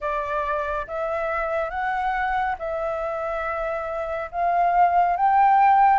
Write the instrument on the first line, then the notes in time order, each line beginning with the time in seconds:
flute
0.00 D5
0.87 E5
1.69 F#5
2.59 E5
4.31 F5
5.16 G5